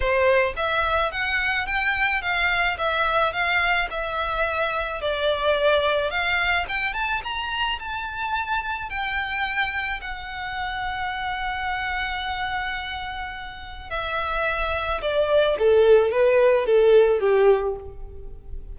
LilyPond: \new Staff \with { instrumentName = "violin" } { \time 4/4 \tempo 4 = 108 c''4 e''4 fis''4 g''4 | f''4 e''4 f''4 e''4~ | e''4 d''2 f''4 | g''8 a''8 ais''4 a''2 |
g''2 fis''2~ | fis''1~ | fis''4 e''2 d''4 | a'4 b'4 a'4 g'4 | }